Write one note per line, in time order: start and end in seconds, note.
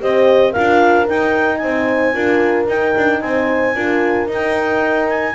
0.00 0.55 C4
0.00 0.54 G4
0.00 0.52 C5
0.00 0.53 D#5
0.52 1.06 F4
0.52 1.59 A#4
0.52 1.07 F5
0.58 1.09 D4
1.06 2.14 D#4
1.06 1.63 D#4
1.06 1.57 G5
1.57 2.15 C4
1.57 2.14 C5
1.57 2.65 G#5
2.14 2.68 D4
2.14 2.67 F4
2.14 3.21 A#4
2.68 2.95 D#4
2.68 3.76 D#4
2.68 3.22 G5
2.97 3.22 D4
3.22 3.75 C4
3.22 3.75 C5
3.22 4.29 G#5
3.75 4.28 D4
3.75 4.27 F4
3.75 5.36 A#4
4.27 5.34 D#4
4.27 5.35 D#4
4.34 5.09 G5
5.09 5.36 G#5